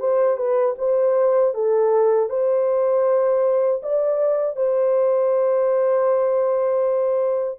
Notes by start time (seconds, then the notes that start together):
0.00 C5
0.37 B4
0.78 C5
1.54 A4
2.30 C5
3.83 D5
4.56 C5